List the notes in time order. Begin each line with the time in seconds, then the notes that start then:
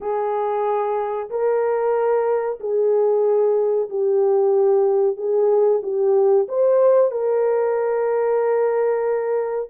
0.00 G#4
1.30 A#4
2.60 G#4
3.89 G4
5.16 G#4
5.82 G4
6.48 C5
7.11 A#4